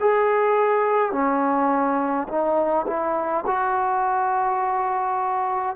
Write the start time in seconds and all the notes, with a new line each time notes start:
0.00 G#4
1.12 C#4
2.28 D#4
2.87 E4
3.46 F#4